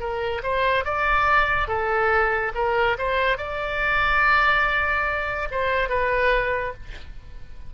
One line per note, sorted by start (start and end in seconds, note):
0.00 0.42 A#4
0.43 0.85 C5
0.85 1.68 D5
1.68 2.53 A4
2.55 2.97 A#4
2.98 3.38 C5
3.38 5.49 D5
5.51 5.89 C5
5.89 6.74 B4